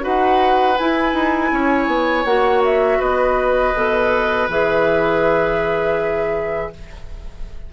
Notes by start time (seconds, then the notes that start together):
0.00 D#4 F#4 B4 F#5
0.77 E4 G#5
1.13 D#4
1.51 C#4 C#5
1.87 B3
2.25 A#3 F#4 F#5
2.64 E5
2.98 B3 B4 D#5
3.74 B2 A4
4.48 E3 G#4 E5